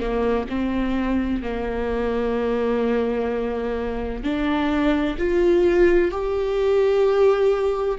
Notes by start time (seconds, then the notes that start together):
0.00 A#3
0.49 C4
1.43 A#3
4.24 D4
5.18 F4
6.11 G4